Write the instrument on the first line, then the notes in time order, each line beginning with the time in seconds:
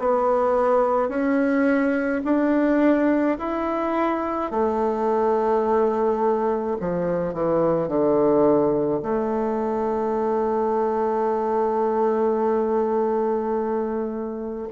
bassoon
0.00 B3
1.09 C#4
2.25 D4
3.39 E4
4.51 A3
6.81 F3
7.34 E3
7.88 D3
9.03 A3